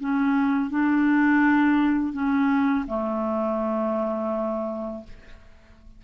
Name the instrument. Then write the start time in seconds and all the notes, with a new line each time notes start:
clarinet
0.00 C#4
0.70 D4
2.13 C#4
2.87 A3